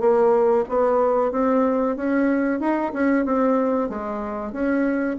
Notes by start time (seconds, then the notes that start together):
0.00 A#3
0.69 B3
1.32 C4
1.96 C#4
2.60 D#4
2.93 C#4
3.25 C4
3.89 G#3
4.52 C#4